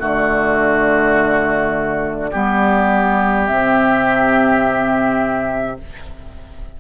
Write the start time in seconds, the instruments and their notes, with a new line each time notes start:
0.00 bassoon D3, clarinet A3, oboe F#4, flute D5
2.31 bassoon G3, clarinet B3, oboe G4
3.47 bassoon C3, clarinet C4, flute E5